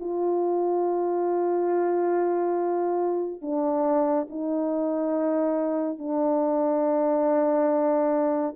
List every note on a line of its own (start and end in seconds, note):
0.00 3.42 F4
3.42 4.28 D4
4.30 5.99 D#4
5.99 8.56 D4